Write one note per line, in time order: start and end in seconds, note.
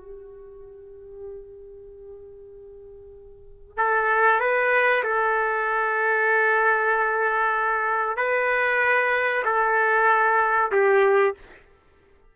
0.00 3.77 G4
3.77 4.40 A4
4.40 5.03 B4
5.04 8.17 A4
8.17 9.43 B4
9.45 10.71 A4
10.71 11.35 G4